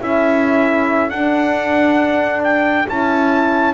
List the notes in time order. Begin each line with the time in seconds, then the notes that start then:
0.00 C#4 E4 A4 E5
1.10 D4 F#5
2.44 G5
2.88 C#4 E4 A5